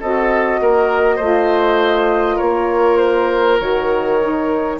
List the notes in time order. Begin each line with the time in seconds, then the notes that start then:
0.00 C4 F#4 A4 D#5
0.60 A#3 A#4
1.16 A3 F4 C5
2.36 A#3 A#4 C#5
2.97 C5
3.59 D#3 F#4 C#5
4.21 D#4